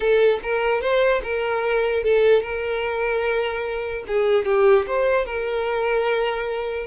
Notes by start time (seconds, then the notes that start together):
0.00 A4
0.42 A#4
0.81 C5
1.23 A#4
2.03 A4
2.42 A#4
4.07 G#4
4.45 G4
4.86 C5
5.25 A#4